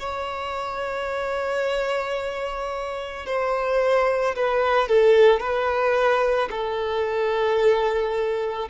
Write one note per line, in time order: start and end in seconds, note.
0.00 3.26 C#5
3.26 4.35 C5
4.36 4.88 B4
4.88 5.40 A4
5.40 6.49 B4
6.51 8.69 A4